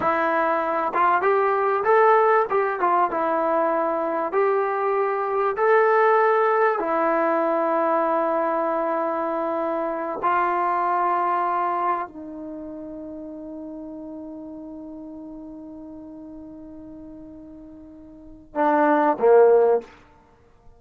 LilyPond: \new Staff \with { instrumentName = "trombone" } { \time 4/4 \tempo 4 = 97 e'4. f'8 g'4 a'4 | g'8 f'8 e'2 g'4~ | g'4 a'2 e'4~ | e'1~ |
e'8 f'2. dis'8~ | dis'1~ | dis'1~ | dis'2 d'4 ais4 | }